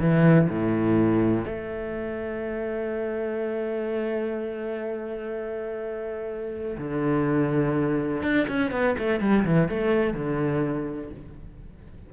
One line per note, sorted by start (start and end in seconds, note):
0.00 0.48 E3
0.49 1.45 A2
1.45 6.77 A3
6.78 8.23 D3
8.23 8.47 D4
8.48 8.71 C#4
8.71 8.96 B3
8.99 9.20 A3
9.20 9.44 G3
9.45 9.69 E3
9.69 10.14 A3
10.14 11.10 D3